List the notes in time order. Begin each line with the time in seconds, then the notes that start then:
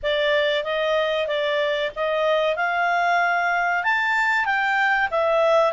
0.02 D5
0.64 D#5
1.27 D5
1.95 D#5
2.55 F5
3.83 A5
4.45 G5
5.11 E5